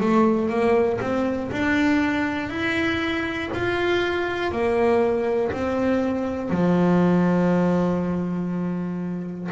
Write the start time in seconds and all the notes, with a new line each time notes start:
0.00 A3
0.49 A#3
1.00 C4
1.50 D4
2.49 E4
3.53 F4
4.51 A#3
5.51 C4
6.50 F3